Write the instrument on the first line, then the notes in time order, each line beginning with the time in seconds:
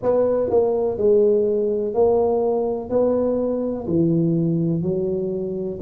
tuba
0.02 B3
0.50 A#3
0.97 G#3
1.94 A#3
2.89 B3
3.87 E3
4.82 F#3